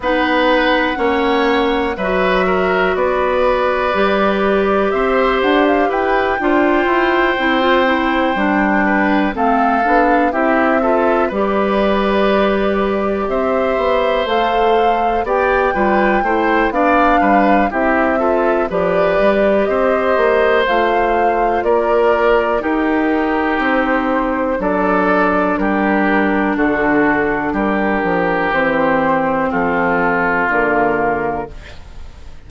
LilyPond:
<<
  \new Staff \with { instrumentName = "flute" } { \time 4/4 \tempo 4 = 61 fis''2 e''4 d''4~ | d''4 e''8 fis''16 f''16 g''2~ | g''4. f''4 e''4 d''8~ | d''4. e''4 f''4 g''8~ |
g''4 f''4 e''4 d''4 | dis''4 f''4 d''4 ais'4 | c''4 d''4 ais'4 a'4 | ais'4 c''4 a'4 ais'4 | }
  \new Staff \with { instrumentName = "oboe" } { \time 4/4 b'4 cis''4 b'8 ais'8 b'4~ | b'4 c''4 b'8 c''4.~ | c''4 b'8 a'4 g'8 a'8 b'8~ | b'4. c''2 d''8 |
b'8 c''8 d''8 b'8 g'8 a'8 b'4 | c''2 ais'4 g'4~ | g'4 a'4 g'4 fis'4 | g'2 f'2 | }
  \new Staff \with { instrumentName = "clarinet" } { \time 4/4 dis'4 cis'4 fis'2 | g'2~ g'8 f'4 e'16 f'16 | e'8 d'4 c'8 d'8 e'8 f'8 g'8~ | g'2~ g'8 a'4 g'8 |
f'8 e'8 d'4 e'8 f'8 g'4~ | g'4 f'2 dis'4~ | dis'4 d'2.~ | d'4 c'2 ais4 | }
  \new Staff \with { instrumentName = "bassoon" } { \time 4/4 b4 ais4 fis4 b4 | g4 c'8 d'8 e'8 d'8 e'8 c'8~ | c'8 g4 a8 b8 c'4 g8~ | g4. c'8 b8 a4 b8 |
g8 a8 b8 g8 c'4 f8 g8 | c'8 ais8 a4 ais4 dis'4 | c'4 fis4 g4 d4 | g8 f8 e4 f4 d4 | }
>>